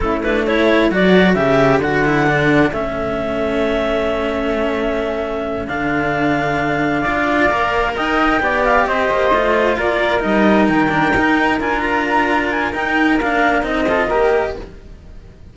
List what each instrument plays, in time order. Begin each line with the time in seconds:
0.00 cello A3 C#4, flute E4, clarinet A4
0.23 cello D4, clarinet B4
0.44 cello E4, flute A4, clarinet C#5
0.90 cello F#3 F#4, clarinet D5
1.34 cello C#3 G4, clarinet E5
1.79 cello D3 F#4, clarinet F#5
2.05 cello E4
2.26 cello D4
2.72 cello A3 C#4, clarinet E5
5.67 cello D3 D4, clarinet F5
7.00 cello D4 F4, flute D5
7.49 cello A#3 A#4
7.95 cello D#4, flute D#5, clarinet G5
8.39 cello B3 G4, flute D5
8.64 clarinet F5
8.85 cello C4, flute C5, clarinet D#5
9.10 cello A#3
9.31 cello A3 F4
9.77 cello A#3, flute A#4, clarinet D5
10.19 cello G3 D#4, clarinet D#5
10.68 cello D#3, clarinet G5
10.89 cello D4
11.12 cello D#4
11.59 cello D4 F4, clarinet G#5
11.80 clarinet A#5
12.50 clarinet G#5
12.72 cello D#4, clarinet G5
13.16 cello A#3 D4, clarinet F5
13.62 cello C4 D#4, clarinet D#5
13.88 cello F4, flute A4
14.08 cello A#3 G4, flute A#4